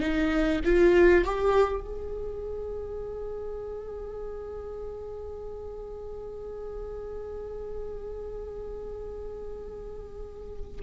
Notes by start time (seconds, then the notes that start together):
0.00 D#4
0.64 F4
1.24 G4
1.81 G#4